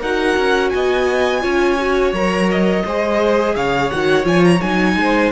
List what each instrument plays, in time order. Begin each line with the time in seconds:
0.00 cello D#4, viola F#4, violin A#4 F#5
0.37 cello C#4
0.70 cello B3, violin D#5 G#5
1.42 cello C#4, viola F4, violin C#5
1.80 viola F#4
2.13 cello F#3, viola A#4, violin A#5
2.51 violin D#5
2.85 cello G#3, viola G#4, violin C5
3.56 cello C#3, violin C#5 F5
3.90 cello D#3, viola F#4, violin F#5
4.24 cello F3, viola F4, violin G#5
4.44 violin A#5
4.61 cello F#3, viola D#4, violin G#5
4.96 cello G#3, violin C5